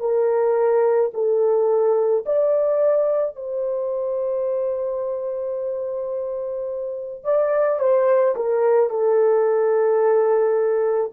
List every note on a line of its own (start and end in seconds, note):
0.00 1.11 A#4
1.14 2.25 A4
2.26 3.36 D5
3.36 7.24 C5
7.24 7.79 D5
7.79 8.35 C5
8.35 8.90 A#4
8.90 11.12 A4